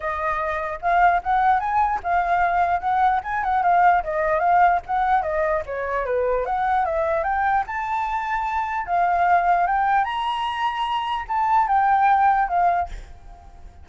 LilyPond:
\new Staff \with { instrumentName = "flute" } { \time 4/4 \tempo 4 = 149 dis''2 f''4 fis''4 | gis''4 f''2 fis''4 | gis''8 fis''8 f''4 dis''4 f''4 | fis''4 dis''4 cis''4 b'4 |
fis''4 e''4 g''4 a''4~ | a''2 f''2 | g''4 ais''2. | a''4 g''2 f''4 | }